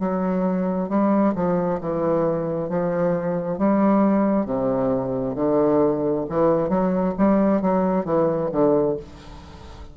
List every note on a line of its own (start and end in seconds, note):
0.00 0.90 F#3
0.90 1.34 G3
1.35 1.80 F3
1.81 2.69 E3
2.69 3.59 F3
3.59 4.46 G3
4.46 5.36 C3
5.36 6.25 D3
6.30 6.70 E3
6.70 7.14 F#3
7.18 7.62 G3
7.62 8.06 F#3
8.06 8.50 E3
8.52 8.97 D3